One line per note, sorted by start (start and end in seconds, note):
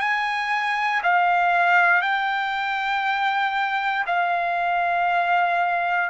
0.00 1.02 G#5
1.03 2.02 F5
2.02 4.05 G5
4.07 6.10 F5